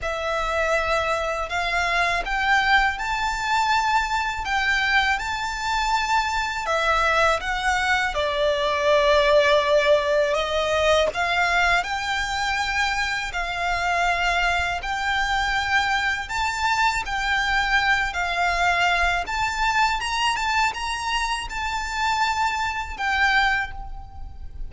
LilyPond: \new Staff \with { instrumentName = "violin" } { \time 4/4 \tempo 4 = 81 e''2 f''4 g''4 | a''2 g''4 a''4~ | a''4 e''4 fis''4 d''4~ | d''2 dis''4 f''4 |
g''2 f''2 | g''2 a''4 g''4~ | g''8 f''4. a''4 ais''8 a''8 | ais''4 a''2 g''4 | }